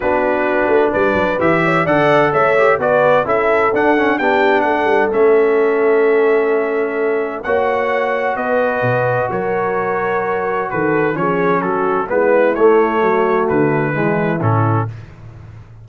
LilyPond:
<<
  \new Staff \with { instrumentName = "trumpet" } { \time 4/4 \tempo 4 = 129 b'2 d''4 e''4 | fis''4 e''4 d''4 e''4 | fis''4 g''4 fis''4 e''4~ | e''1 |
fis''2 dis''2 | cis''2. b'4 | cis''4 a'4 b'4 cis''4~ | cis''4 b'2 a'4 | }
  \new Staff \with { instrumentName = "horn" } { \time 4/4 fis'2 b'4. cis''8 | d''4 cis''4 b'4 a'4~ | a'4 g'4 a'2~ | a'1 |
cis''2 b'2 | ais'2. a'4 | gis'4 fis'4 e'2 | fis'2 e'2 | }
  \new Staff \with { instrumentName = "trombone" } { \time 4/4 d'2. g'4 | a'4. g'8 fis'4 e'4 | d'8 cis'8 d'2 cis'4~ | cis'1 |
fis'1~ | fis'1 | cis'2 b4 a4~ | a2 gis4 cis'4 | }
  \new Staff \with { instrumentName = "tuba" } { \time 4/4 b4. a8 g8 fis8 e4 | d4 a4 b4 cis'4 | d'4 b4 a8 g8 a4~ | a1 |
ais2 b4 b,4 | fis2. dis4 | f4 fis4 gis4 a4 | fis4 d4 e4 a,4 | }
>>